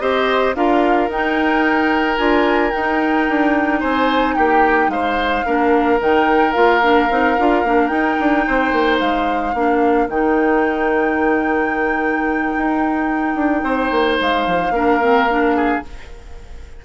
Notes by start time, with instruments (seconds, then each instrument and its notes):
0.00 bassoon C4, clarinet G4, oboe C5, flute D#5
0.55 bassoon D4, clarinet F4, oboe A#4, flute F5
1.09 bassoon D#4, clarinet D#4, flute G5
2.18 bassoon D4, clarinet F4, flute G#5
2.72 clarinet D#4, bassoon D#4, flute G5
3.29 bassoon D4
3.81 bassoon C4, oboe C5, flute G#5
4.36 bassoon A#3, oboe G4, flute G5
4.89 bassoon G#3, oboe C5, flute F5
5.46 bassoon A#3, clarinet D4, oboe A#4
6.00 bassoon D#3, clarinet D#4, flute G5
6.53 bassoon A#3, clarinet F4, flute F5
6.82 clarinet D4
7.10 bassoon C4, clarinet D#4
7.39 bassoon D4, clarinet F4
7.64 bassoon A#3, clarinet D4
7.88 bassoon D#4, clarinet D#4, flute G5
8.20 bassoon D4
8.47 bassoon C4, oboe C5
8.72 bassoon A#3
9.00 bassoon G#3, flute F5
9.54 bassoon A#3, clarinet D4, oboe A#4
10.09 bassoon D#3, clarinet D#4, flute G5
12.57 bassoon D#4
13.36 bassoon D4
13.63 bassoon C4, oboe C5
13.91 bassoon A#3
14.21 bassoon G#3, flute F5
14.47 bassoon F3
14.71 bassoon A#3, clarinet D4, oboe A#4
15.01 clarinet C4
15.29 clarinet D4
15.56 oboe G#4